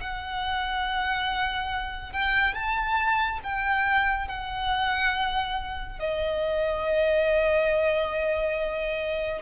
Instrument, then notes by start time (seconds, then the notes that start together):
violin
0.00 F#5
2.13 G5
2.54 A5
3.43 G5
4.28 F#5
6.00 D#5